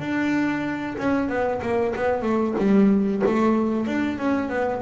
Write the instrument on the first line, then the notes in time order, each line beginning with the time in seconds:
double bass
0.00 D4
0.98 C#4
1.29 B3
1.62 A#3
1.96 B3
2.22 A3
2.58 G3
3.26 A3
3.87 D4
4.18 C#4
4.50 B3